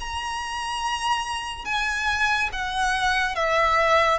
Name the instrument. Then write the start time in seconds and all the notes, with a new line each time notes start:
violin
0.00 A#5
1.65 G#5
2.52 F#5
3.35 E5